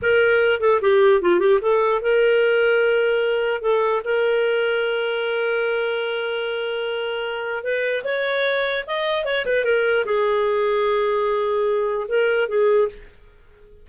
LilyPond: \new Staff \with { instrumentName = "clarinet" } { \time 4/4 \tempo 4 = 149 ais'4. a'8 g'4 f'8 g'8 | a'4 ais'2.~ | ais'4 a'4 ais'2~ | ais'1~ |
ais'2. b'4 | cis''2 dis''4 cis''8 b'8 | ais'4 gis'2.~ | gis'2 ais'4 gis'4 | }